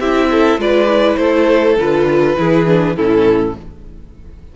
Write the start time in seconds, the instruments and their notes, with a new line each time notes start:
0.00 cello C4, viola E4, violin G4 E5
0.31 violin A4
0.58 cello G#3, viola F4, violin B4 D5
0.88 viola E4
1.16 cello A3, violin A4 C5
1.77 cello D3, viola F4, violin B4
2.37 cello E3, viola E4, violin G#4
2.67 viola D4
2.96 cello A2, viola C#4, violin E4 A4